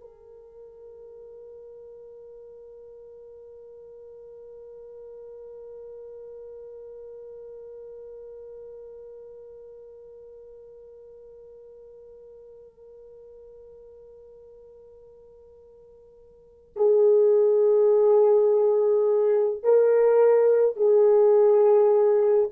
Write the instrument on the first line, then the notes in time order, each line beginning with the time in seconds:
horn
0.00 A#4
16.76 G#4
19.63 A#4
20.76 G#4